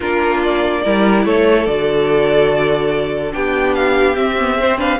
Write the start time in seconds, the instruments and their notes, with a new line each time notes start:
0.00 cello A#3, viola D4, violin F4 A#4
0.43 violin D5
0.83 cello G3, viola E4, violin A#4
1.25 cello A3, violin A4 C#5
1.66 cello D3, viola F#4, violin D5
3.31 cello B3, viola D4, violin G4 G5
3.74 violin F5
4.15 viola C4, cello C4, violin E5
4.38 viola B3
4.58 viola C4, violin C5
4.78 viola D4, violin B4 F5